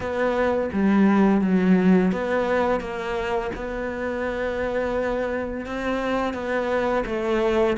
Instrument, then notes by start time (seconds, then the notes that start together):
cello
0.00 B3
0.72 G3
1.41 F#3
2.12 B3
2.80 A#3
3.55 B3
5.65 C4
6.33 B3
7.06 A3